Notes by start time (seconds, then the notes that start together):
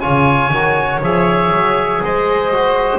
0.00 C#3 F4 C#5 G#5
0.50 D#3 F#4
1.01 F3 G#4 E5
1.52 F#3
2.03 G#3 C5 D#5
2.52 F#4